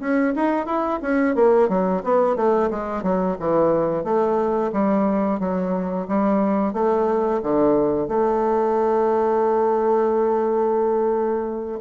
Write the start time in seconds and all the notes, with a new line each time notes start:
0.00 C#4
0.36 D#4
0.66 E4
1.02 C#4
1.35 A#3
1.69 F#3
2.04 B3
2.36 A3
2.71 G#3
3.03 F#3
3.40 E3
4.04 A3
4.73 G3
5.39 F#3
6.08 G3
6.73 A3
7.43 D3
8.08 A3